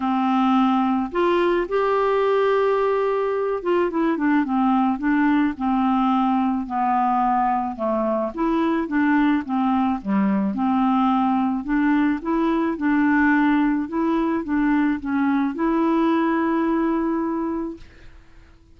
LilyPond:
\new Staff \with { instrumentName = "clarinet" } { \time 4/4 \tempo 4 = 108 c'2 f'4 g'4~ | g'2~ g'8 f'8 e'8 d'8 | c'4 d'4 c'2 | b2 a4 e'4 |
d'4 c'4 g4 c'4~ | c'4 d'4 e'4 d'4~ | d'4 e'4 d'4 cis'4 | e'1 | }